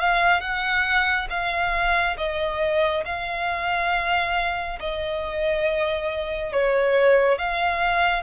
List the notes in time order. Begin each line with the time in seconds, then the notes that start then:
0.00 F5
0.41 F#5
1.30 F5
2.18 D#5
3.06 F5
4.80 D#5
6.53 C#5
7.39 F5